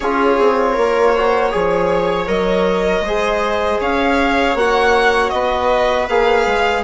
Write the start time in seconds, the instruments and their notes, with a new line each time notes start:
0.00 bassoon C#4, trombone F4, viola G#4, violin C#5
0.39 bassoon C4
0.72 bassoon A#3, viola A#4
1.13 trombone F#4, viola C5
1.51 bassoon F3, trombone G#4, viola C#5
2.26 bassoon F#3, trombone A#4, violin D#5
3.00 bassoon G#3, viola C5
3.07 trombone G#4
3.80 bassoon C#4, viola C#5, violin F5
4.54 bassoon A#3, trombone F#4, violin F#5
5.29 bassoon B3, viola B4, violin D#5
6.08 bassoon A#3, trombone G#4, violin F5
6.46 bassoon G#3